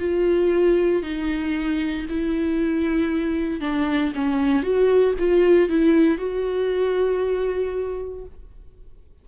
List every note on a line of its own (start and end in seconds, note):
0.00 1.03 F4
1.03 2.07 D#4
2.10 3.61 E4
3.61 4.13 D4
4.16 4.63 C#4
4.63 5.15 F#4
5.19 5.70 F4
5.70 6.18 E4
6.18 8.25 F#4